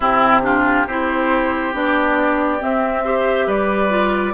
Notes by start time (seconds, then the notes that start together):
0.00 C3 C4 E4 G4
0.42 D4 F4
0.86 C4 E4 G4 C5
1.73 B3 D4 D5
2.59 C4 E5
3.04 G4 C5
3.46 G3 B4 D5
3.89 F4